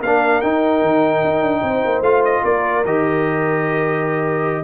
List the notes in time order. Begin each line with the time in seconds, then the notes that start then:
0.00 A#3 D4 A#4 F5
0.41 D#4 G5
0.82 D#3
1.24 D#4
1.42 D4
1.62 C4 C5
1.85 A#3
2.01 A3 F4 F5
2.25 D#5
2.43 A#3 A#4 D5
2.85 D#3 G4 D#5